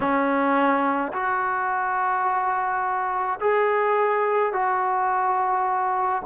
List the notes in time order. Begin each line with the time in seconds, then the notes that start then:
0.00 C#4
1.13 F#4
3.40 G#4
4.52 F#4